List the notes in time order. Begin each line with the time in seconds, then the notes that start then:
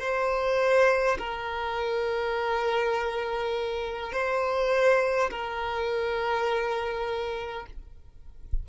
0.00 C5
1.18 A#4
4.12 C5
5.30 A#4